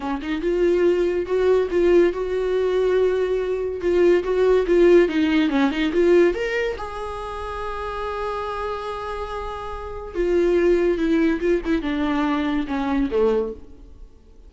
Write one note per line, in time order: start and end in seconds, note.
0.00 0.20 C#4
0.22 0.41 D#4
0.41 1.26 F4
1.26 1.68 F#4
1.70 2.12 F4
2.12 3.80 F#4
3.80 4.23 F4
4.23 4.66 F#4
4.66 5.08 F4
5.08 5.49 D#4
5.49 5.70 C#4
5.70 5.92 D#4
5.93 6.34 F4
6.34 6.76 A#4
6.77 10.14 G#4
10.14 10.97 F4
10.97 11.40 E4
11.40 11.61 F4
11.65 11.81 E4
11.81 12.66 D4
12.67 13.09 C#4
13.10 13.53 A3